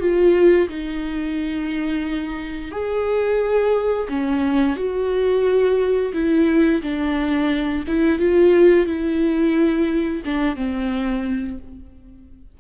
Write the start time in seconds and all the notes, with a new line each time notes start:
0.00 F4
0.68 D#4
2.71 G#4
4.08 C#4
4.76 F#4
6.13 E4
6.82 D4
7.87 E4
8.19 F4
8.86 E4
10.25 D4
10.56 C4